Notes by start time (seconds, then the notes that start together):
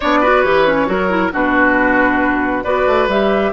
0.00 B3 D4 C#5 D5
0.20 F#4 B4
0.42 E3 G4 C#5
0.67 C#4
0.87 F#3 F#4 A#4
1.09 E4
1.32 B2 D4 F#4 B4
2.63 B3 F#4 B4 D5
2.87 A3
3.07 G3 G4 E5